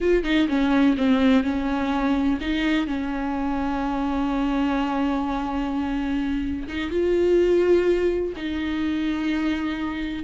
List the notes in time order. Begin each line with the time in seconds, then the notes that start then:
0.00 F4
0.23 D#4
0.48 C#4
0.97 C4
1.43 C#4
2.40 D#4
2.86 C#4
6.68 D#4
6.90 F4
8.36 D#4